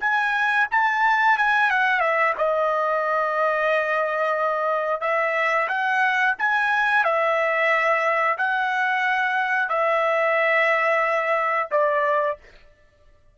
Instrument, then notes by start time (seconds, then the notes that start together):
trumpet
0.00 G#5
0.71 A5
1.38 G#5
1.70 F#5
2.00 E5
2.38 D#5
5.01 E5
5.68 F#5
6.38 G#5
7.04 E5
8.37 F#5
9.68 E5
11.71 D5